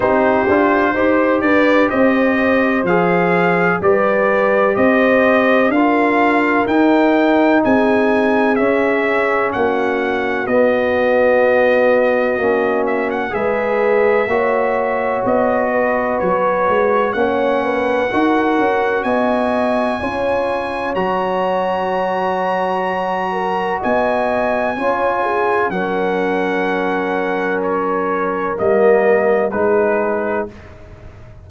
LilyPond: <<
  \new Staff \with { instrumentName = "trumpet" } { \time 4/4 \tempo 4 = 63 c''4. d''8 dis''4 f''4 | d''4 dis''4 f''4 g''4 | gis''4 e''4 fis''4 dis''4~ | dis''4. e''16 fis''16 e''2 |
dis''4 cis''4 fis''2 | gis''2 ais''2~ | ais''4 gis''2 fis''4~ | fis''4 cis''4 dis''4 b'4 | }
  \new Staff \with { instrumentName = "horn" } { \time 4/4 g'4 c''8 b'8 c''2 | b'4 c''4 ais'2 | gis'2 fis'2~ | fis'2 b'4 cis''4~ |
cis''8 b'4. cis''8 b'8 ais'4 | dis''4 cis''2.~ | cis''8 ais'8 dis''4 cis''8 gis'8 ais'4~ | ais'2. gis'4 | }
  \new Staff \with { instrumentName = "trombone" } { \time 4/4 dis'8 f'8 g'2 gis'4 | g'2 f'4 dis'4~ | dis'4 cis'2 b4~ | b4 cis'4 gis'4 fis'4~ |
fis'2 cis'4 fis'4~ | fis'4 f'4 fis'2~ | fis'2 f'4 cis'4~ | cis'2 ais4 dis'4 | }
  \new Staff \with { instrumentName = "tuba" } { \time 4/4 c'8 d'8 dis'8 d'8 c'4 f4 | g4 c'4 d'4 dis'4 | c'4 cis'4 ais4 b4~ | b4 ais4 gis4 ais4 |
b4 fis8 gis8 ais4 dis'8 cis'8 | b4 cis'4 fis2~ | fis4 b4 cis'4 fis4~ | fis2 g4 gis4 | }
>>